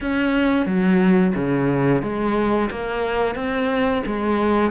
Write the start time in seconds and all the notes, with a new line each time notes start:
0.00 C#4
0.66 F#3
1.35 C#3
2.02 G#3
2.70 A#3
3.35 C4
4.06 G#3